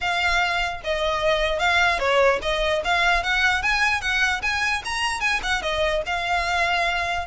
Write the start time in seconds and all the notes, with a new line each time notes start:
0.00 F5
0.84 D#5
1.59 F5
1.99 C#5
2.42 D#5
2.84 F5
3.23 F#5
3.62 G#5
4.01 F#5
4.42 G#5
4.84 A#5
5.20 G#5
5.42 F#5
5.62 D#5
6.06 F5